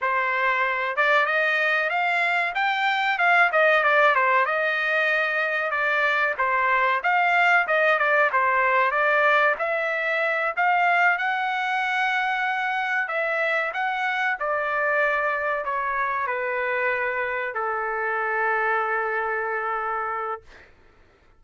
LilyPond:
\new Staff \with { instrumentName = "trumpet" } { \time 4/4 \tempo 4 = 94 c''4. d''8 dis''4 f''4 | g''4 f''8 dis''8 d''8 c''8 dis''4~ | dis''4 d''4 c''4 f''4 | dis''8 d''8 c''4 d''4 e''4~ |
e''8 f''4 fis''2~ fis''8~ | fis''8 e''4 fis''4 d''4.~ | d''8 cis''4 b'2 a'8~ | a'1 | }